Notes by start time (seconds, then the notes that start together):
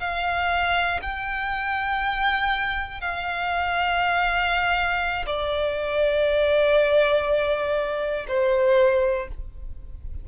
0.00 F5
1.02 G5
3.01 F5
5.26 D5
8.28 C5